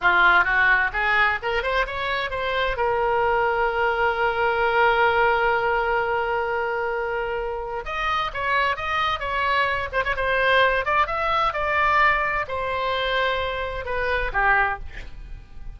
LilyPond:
\new Staff \with { instrumentName = "oboe" } { \time 4/4 \tempo 4 = 130 f'4 fis'4 gis'4 ais'8 c''8 | cis''4 c''4 ais'2~ | ais'1~ | ais'1~ |
ais'4 dis''4 cis''4 dis''4 | cis''4. c''16 cis''16 c''4. d''8 | e''4 d''2 c''4~ | c''2 b'4 g'4 | }